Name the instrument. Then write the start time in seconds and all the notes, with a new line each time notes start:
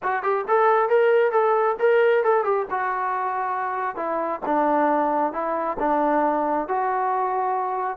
trombone
0.02 F#4
0.22 G4
0.48 A4
0.89 A#4
1.31 A4
1.79 A#4
2.23 A4
2.43 G4
2.70 F#4
3.96 E4
4.45 D4
5.32 E4
5.79 D4
6.68 F#4